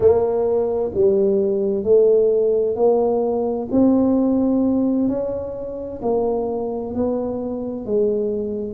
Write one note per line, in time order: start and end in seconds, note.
0.00 0.91 A#3
0.94 1.83 G3
1.83 2.75 A3
2.75 3.68 A#3
3.71 5.08 C4
5.08 6.00 C#4
6.02 6.94 A#3
6.94 7.85 B3
7.85 8.74 G#3